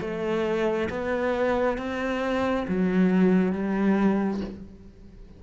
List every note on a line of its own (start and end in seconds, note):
0.00 0.88 A3
0.89 1.77 B3
1.77 2.66 C4
2.68 3.52 F#3
3.52 4.40 G3